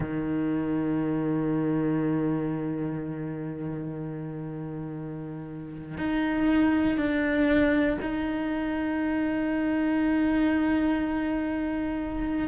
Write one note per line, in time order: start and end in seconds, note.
0.00 5.97 D#3
5.97 6.97 D#4
6.97 7.97 D4
8.01 12.48 D#4